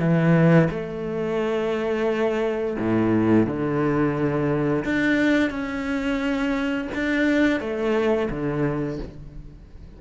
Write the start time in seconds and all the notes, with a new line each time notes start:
0.00 E3
0.71 A3
2.80 A2
3.47 D3
4.85 D4
5.50 C#4
6.95 D4
7.61 A3
8.31 D3